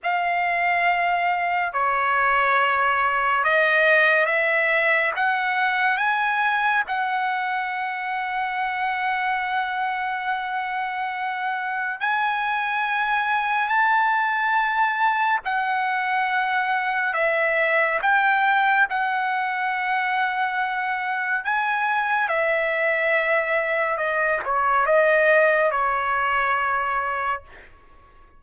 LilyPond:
\new Staff \with { instrumentName = "trumpet" } { \time 4/4 \tempo 4 = 70 f''2 cis''2 | dis''4 e''4 fis''4 gis''4 | fis''1~ | fis''2 gis''2 |
a''2 fis''2 | e''4 g''4 fis''2~ | fis''4 gis''4 e''2 | dis''8 cis''8 dis''4 cis''2 | }